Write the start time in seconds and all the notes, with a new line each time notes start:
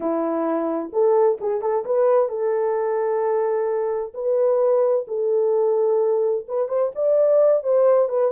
0.00 E4
0.92 A4
1.40 G#4
1.61 A4
1.85 B4
2.28 A4
4.13 B4
5.07 A4
6.48 B4
6.68 C5
6.95 D5
7.63 C5
8.09 B4